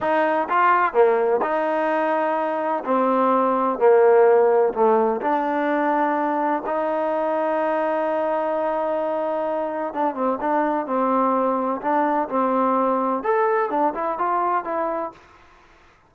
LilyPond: \new Staff \with { instrumentName = "trombone" } { \time 4/4 \tempo 4 = 127 dis'4 f'4 ais4 dis'4~ | dis'2 c'2 | ais2 a4 d'4~ | d'2 dis'2~ |
dis'1~ | dis'4 d'8 c'8 d'4 c'4~ | c'4 d'4 c'2 | a'4 d'8 e'8 f'4 e'4 | }